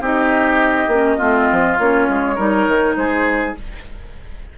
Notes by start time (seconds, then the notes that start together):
0.00 C4 D#4 G4 D#5
0.87 A#3 C#4
1.17 A3 C4 F4
1.51 F3
1.78 A#3 C#4 C#5
2.09 G#3
2.35 G3 D#4 A#4
2.67 D#3
2.96 G#3 G#4 C5